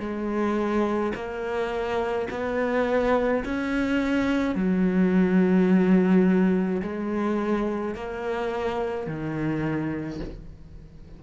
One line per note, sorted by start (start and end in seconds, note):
0.00 1.13 G#3
1.15 2.28 A#3
2.31 3.44 B3
3.45 4.55 C#4
4.55 6.82 F#3
6.82 7.95 G#3
7.95 9.07 A#3
9.07 10.20 D#3